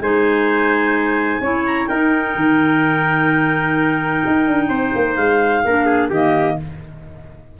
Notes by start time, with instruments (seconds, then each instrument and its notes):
0.00 tuba G#3, clarinet D#4 G#5, trumpet C5
1.41 tuba C#4, clarinet E4, trumpet C#5
1.66 clarinet A#5
1.87 tuba D#4, clarinet D#4 G5, trumpet A#4
2.36 tuba D#3
4.26 tuba D#4
4.48 tuba D4
4.69 tuba C4, trumpet C5
4.95 tuba A#3
5.16 tuba G#3, clarinet F5
5.65 tuba A#3, clarinet D4, trumpet A#4
5.86 trumpet G#4
6.10 tuba D#3, clarinet A#3 D#5, trumpet G4